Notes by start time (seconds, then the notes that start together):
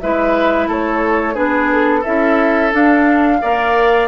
0.00 G#3 E4 B4 E5
0.68 A3 A4 C#5
1.34 B3 D4 G#4 B4
1.72 A4
2.00 C#4 E4 A4 E5
2.71 D4 F5
3.41 A#3 A#4 D5